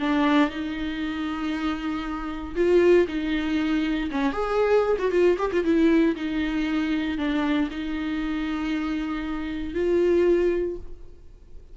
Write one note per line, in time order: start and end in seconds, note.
0.00 0.50 D4
0.50 2.55 D#4
2.55 3.07 F4
3.08 4.11 D#4
4.11 4.33 C#4
4.33 4.97 G#4
4.99 5.11 F#4
5.12 5.37 F4
5.39 5.52 G4
5.52 5.64 F4
5.64 6.16 E4
6.16 7.18 D#4
7.18 7.69 D4
7.71 9.75 D#4
9.75 10.77 F4